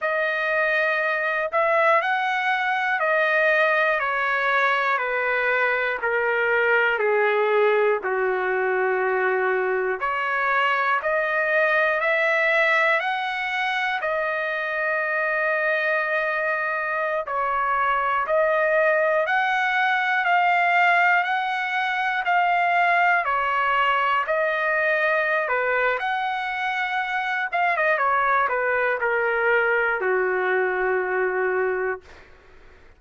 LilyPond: \new Staff \with { instrumentName = "trumpet" } { \time 4/4 \tempo 4 = 60 dis''4. e''8 fis''4 dis''4 | cis''4 b'4 ais'4 gis'4 | fis'2 cis''4 dis''4 | e''4 fis''4 dis''2~ |
dis''4~ dis''16 cis''4 dis''4 fis''8.~ | fis''16 f''4 fis''4 f''4 cis''8.~ | cis''16 dis''4~ dis''16 b'8 fis''4. f''16 dis''16 | cis''8 b'8 ais'4 fis'2 | }